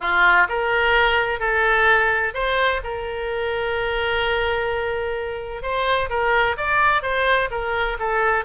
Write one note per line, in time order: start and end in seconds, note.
0.00 0.47 F4
0.48 1.39 A#4
1.39 2.33 A4
2.34 2.81 C5
2.83 5.62 A#4
5.62 6.09 C5
6.09 6.56 A#4
6.57 7.02 D5
7.02 7.49 C5
7.50 7.97 A#4
7.99 8.45 A4